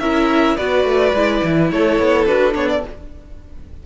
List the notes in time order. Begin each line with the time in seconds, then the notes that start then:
0.00 C#4 E4 A#4 E5
0.57 B3 F#4 B4 D5
0.85 A3
1.13 G#3 E4
1.44 E3
1.71 A3 A4 C#5
2.00 B3
2.26 D4 F#4 B4
2.52 B3 D4 C#5
2.69 D5